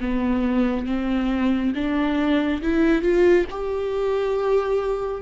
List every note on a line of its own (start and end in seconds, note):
0.00 0.85 B3
0.85 1.72 C4
1.74 2.61 D4
2.61 3.02 E4
3.02 3.45 F4
3.50 5.21 G4